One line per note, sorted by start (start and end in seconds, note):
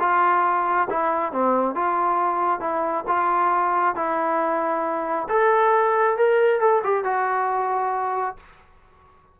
0.00 0.88 F4
0.90 1.32 E4
1.32 1.75 C4
1.75 2.60 F4
2.60 3.05 E4
3.08 3.96 F4
3.96 5.28 E4
5.29 6.17 A4
6.18 6.60 A#4
6.60 6.82 A4
6.84 7.04 G4
7.04 8.36 F#4